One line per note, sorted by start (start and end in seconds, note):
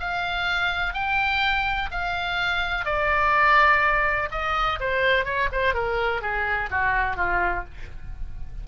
0.00 0.93 F5
0.93 1.89 G5
1.91 2.85 F5
2.85 4.29 D5
4.31 4.79 D#5
4.80 5.25 C5
5.25 5.49 C#5
5.52 5.74 C5
5.74 6.22 A#4
6.22 6.70 G#4
6.70 7.16 F#4
7.16 7.64 F4